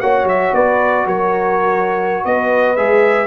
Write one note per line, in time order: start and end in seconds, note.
0.00 0.24 A#3
0.00 2.77 F#4
0.00 0.54 C#5
0.00 0.26 F#5
0.24 0.50 F#3
0.24 0.54 E5
0.53 1.06 B3
0.53 1.06 B4
0.53 1.07 D5
1.06 2.24 F#3
1.06 2.24 A#4
1.06 2.25 C#5
2.25 2.78 B3
2.25 3.27 B4
2.25 2.76 D#5
2.76 3.27 G#3
2.76 3.27 G#4
2.76 3.27 E5